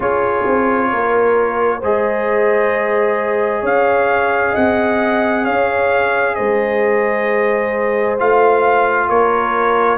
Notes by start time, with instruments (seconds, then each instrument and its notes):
0.00 tuba C#4, trombone F4, horn G#4, trumpet C#5
0.46 tuba C4
0.90 tuba A#3, horn A#4
1.79 tuba G#3, trombone G#4, horn C5, trumpet D#5
3.61 tuba C#4, horn C#5, trumpet F5
4.51 tuba C4, horn D#5, trumpet F#5
5.43 tuba C#4, horn C#5, trumpet F5
6.34 tuba G#3, horn C5, trumpet D#5
8.18 tuba A3, trombone F4, trumpet F5
9.09 tuba A#3, horn A#4, trumpet C#5